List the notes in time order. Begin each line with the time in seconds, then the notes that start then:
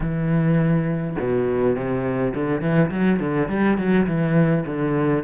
0.00 E3
1.18 B2
1.76 C3
2.34 D3
2.61 E3
2.90 F#3
3.19 D3
3.48 G3
3.77 F#3
4.06 E3
4.65 D3